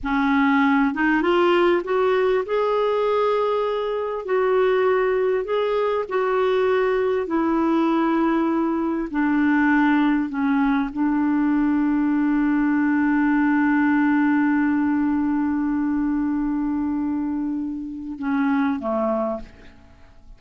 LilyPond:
\new Staff \with { instrumentName = "clarinet" } { \time 4/4 \tempo 4 = 99 cis'4. dis'8 f'4 fis'4 | gis'2. fis'4~ | fis'4 gis'4 fis'2 | e'2. d'4~ |
d'4 cis'4 d'2~ | d'1~ | d'1~ | d'2 cis'4 a4 | }